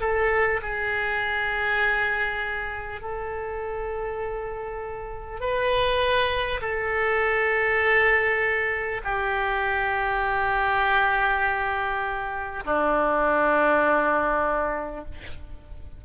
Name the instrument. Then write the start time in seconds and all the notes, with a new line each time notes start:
oboe
0.00 A4
0.62 G#4
3.01 A4
5.40 B4
6.61 A4
9.04 G4
12.65 D4